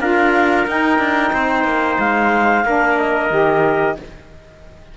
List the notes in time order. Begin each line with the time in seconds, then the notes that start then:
0.00 D4 F4 A#4 F5
0.66 D#4 G5
0.99 D4
1.33 C4 C5
1.64 A#3
1.99 G#3 F5
2.64 A#3 D4 A#4
2.98 D#5
3.30 D#3 G4